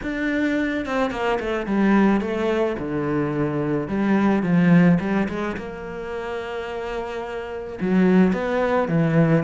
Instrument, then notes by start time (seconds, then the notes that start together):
cello
0.02 D4
0.85 C4
1.11 A#3
1.39 A3
1.66 G3
2.20 A3
2.78 D3
3.87 G3
4.42 F3
5.00 G3
5.28 G#3
5.56 A#3
7.81 F#3
8.32 B3
8.88 E3